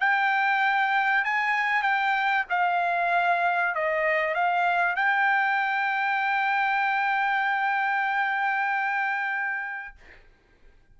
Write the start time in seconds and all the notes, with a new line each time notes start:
0.00 G5
1.24 G#5
1.82 G5
2.50 F5
3.75 D#5
4.34 F5
4.95 G5